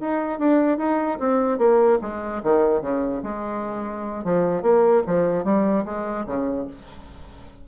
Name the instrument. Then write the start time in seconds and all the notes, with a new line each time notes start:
bassoon
0.00 D#4
0.39 D4
0.78 D#4
1.19 C4
1.58 A#3
2.01 G#3
2.43 D#3
2.81 C#3
3.23 G#3
4.24 F3
4.62 A#3
5.06 F3
5.44 G3
5.85 G#3
6.26 C#3